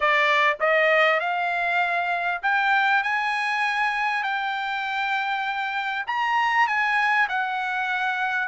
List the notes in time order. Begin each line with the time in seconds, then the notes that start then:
0.00 D5
0.60 D#5
1.20 F5
2.42 G5
3.03 G#5
4.23 G5
6.06 A#5
6.67 G#5
7.28 F#5